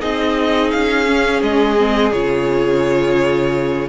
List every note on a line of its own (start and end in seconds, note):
0.00 0.73 C4
0.00 1.06 D#4
0.00 3.89 G#4
0.00 0.70 D#5
0.70 1.42 C#4
0.70 1.41 F5
1.06 1.77 C#4
1.42 2.12 G#3
1.42 2.12 D#5
1.77 2.12 C4
2.12 3.89 C#3
2.12 3.88 F4
2.12 3.89 C#5